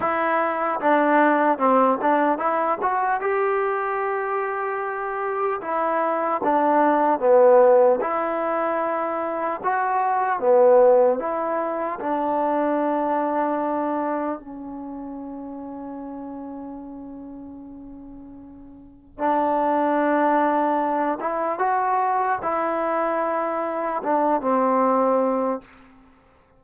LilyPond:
\new Staff \with { instrumentName = "trombone" } { \time 4/4 \tempo 4 = 75 e'4 d'4 c'8 d'8 e'8 fis'8 | g'2. e'4 | d'4 b4 e'2 | fis'4 b4 e'4 d'4~ |
d'2 cis'2~ | cis'1 | d'2~ d'8 e'8 fis'4 | e'2 d'8 c'4. | }